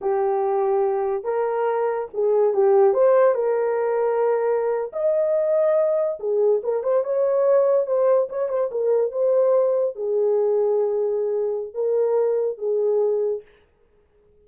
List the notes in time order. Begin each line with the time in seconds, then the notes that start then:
0.01 G4
1.24 A#4
2.13 G#4
2.53 G4
2.93 C5
3.34 A#4
4.92 D#5
6.19 G#4
6.63 A#4
6.83 C5
7.04 C#5
7.86 C5
8.29 C#5
8.49 C5
8.71 A#4
9.11 C5
9.95 G#4
11.74 A#4
12.58 G#4